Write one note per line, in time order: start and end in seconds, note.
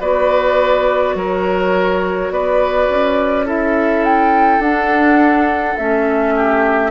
0.00 1.15 B3
0.00 3.46 F#4
0.00 1.15 B4
0.00 1.16 D5
1.15 2.30 F#3
1.15 2.33 A#4
1.15 2.31 C#5
2.30 2.88 B3
2.30 3.46 B4
2.30 3.47 D5
2.89 4.59 C#4
3.46 4.62 E4
3.46 6.34 A4
3.46 4.04 E5
4.04 4.62 G5
4.59 5.75 D4
4.59 5.77 D4
4.59 5.77 F#5
5.77 6.91 A3
5.77 6.91 C#4
5.77 6.91 E5
6.36 6.91 G4